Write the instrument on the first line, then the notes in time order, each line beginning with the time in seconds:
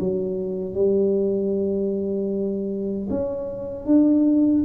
tuba
0.00 F#3
0.75 G3
3.10 C#4
3.86 D4